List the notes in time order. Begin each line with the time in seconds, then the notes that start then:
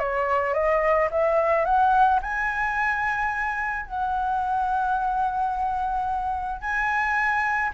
0.00 C#5
0.54 D#5
1.12 E5
1.65 F#5
2.22 G#5
3.87 F#5
6.62 G#5